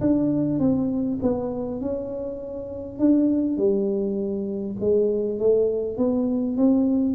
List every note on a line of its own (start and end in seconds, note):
0.00 0.59 D4
0.59 1.19 C4
1.22 1.80 B3
1.80 2.99 C#4
2.99 3.57 D4
3.57 4.76 G3
4.80 5.39 G#3
5.39 5.97 A3
5.97 6.56 B3
6.57 7.15 C4